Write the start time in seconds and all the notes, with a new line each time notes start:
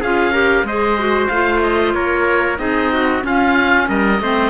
0.00 C#4 F4 G#4 F5
0.32 G4 A#4
0.63 G#3 G#4 C5 D#5
0.98 F#4
1.27 A3 F4 F5
1.62 D#5
1.93 A#3 A#4 C#5
2.57 C4 D#4 G#4 D#5
2.93 F#4
3.21 C#4 F4 F5
3.88 G3 A#4 D#5
4.20 A3 C4 C5